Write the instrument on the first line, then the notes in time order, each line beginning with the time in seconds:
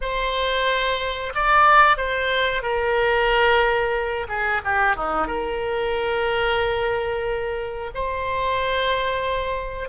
oboe
0.01 C5
1.34 D5
1.97 C5
2.62 A#4
4.28 G#4
4.64 G4
4.95 D#4
5.27 A#4
7.94 C5